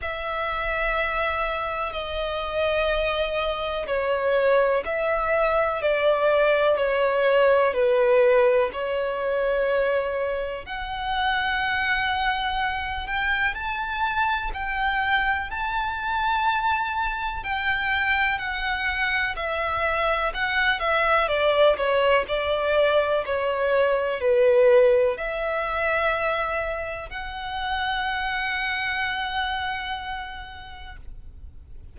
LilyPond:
\new Staff \with { instrumentName = "violin" } { \time 4/4 \tempo 4 = 62 e''2 dis''2 | cis''4 e''4 d''4 cis''4 | b'4 cis''2 fis''4~ | fis''4. g''8 a''4 g''4 |
a''2 g''4 fis''4 | e''4 fis''8 e''8 d''8 cis''8 d''4 | cis''4 b'4 e''2 | fis''1 | }